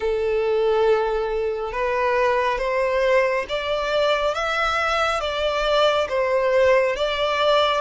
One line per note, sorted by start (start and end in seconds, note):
0.00 1.72 A4
1.72 2.58 B4
2.58 3.45 C5
3.48 4.34 D5
4.34 5.20 E5
5.20 6.07 D5
6.09 6.96 C5
6.96 7.81 D5